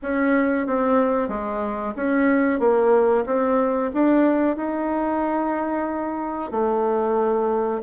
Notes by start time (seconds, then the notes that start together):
0.02 C#4
0.66 C4
1.28 G#3
1.96 C#4
2.59 A#3
3.25 C4
3.93 D4
4.56 D#4
6.51 A3